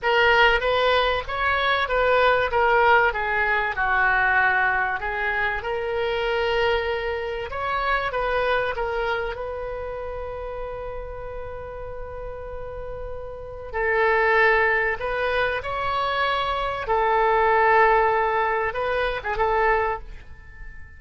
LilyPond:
\new Staff \with { instrumentName = "oboe" } { \time 4/4 \tempo 4 = 96 ais'4 b'4 cis''4 b'4 | ais'4 gis'4 fis'2 | gis'4 ais'2. | cis''4 b'4 ais'4 b'4~ |
b'1~ | b'2 a'2 | b'4 cis''2 a'4~ | a'2 b'8. gis'16 a'4 | }